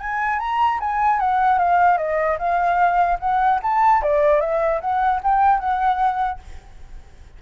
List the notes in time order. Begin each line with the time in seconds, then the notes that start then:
0.00 G#5
0.39 A#5
0.80 G#5
1.19 F#5
1.58 F5
1.97 D#5
2.38 F5
3.19 F#5
3.62 A5
4.02 D5
4.40 E5
4.81 F#5
5.23 G5
5.59 F#5